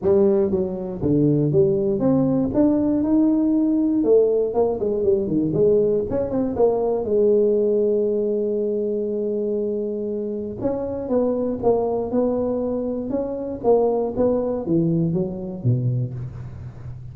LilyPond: \new Staff \with { instrumentName = "tuba" } { \time 4/4 \tempo 4 = 119 g4 fis4 d4 g4 | c'4 d'4 dis'2 | a4 ais8 gis8 g8 dis8 gis4 | cis'8 c'8 ais4 gis2~ |
gis1~ | gis4 cis'4 b4 ais4 | b2 cis'4 ais4 | b4 e4 fis4 b,4 | }